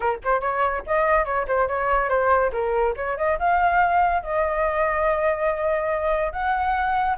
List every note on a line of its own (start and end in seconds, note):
0.00 0.18 A#4
0.23 0.40 C5
0.40 0.83 C#5
0.86 1.25 D#5
1.25 1.46 C#5
1.47 1.68 C5
1.68 2.09 C#5
2.09 2.51 C5
2.52 2.94 A#4
2.96 3.17 C#5
3.17 3.38 D#5
3.38 4.22 F5
4.22 6.32 D#5
6.32 7.17 F#5